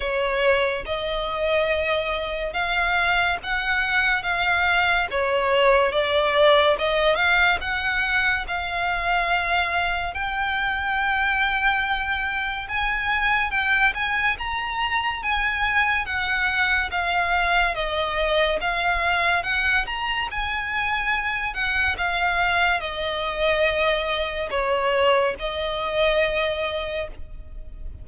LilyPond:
\new Staff \with { instrumentName = "violin" } { \time 4/4 \tempo 4 = 71 cis''4 dis''2 f''4 | fis''4 f''4 cis''4 d''4 | dis''8 f''8 fis''4 f''2 | g''2. gis''4 |
g''8 gis''8 ais''4 gis''4 fis''4 | f''4 dis''4 f''4 fis''8 ais''8 | gis''4. fis''8 f''4 dis''4~ | dis''4 cis''4 dis''2 | }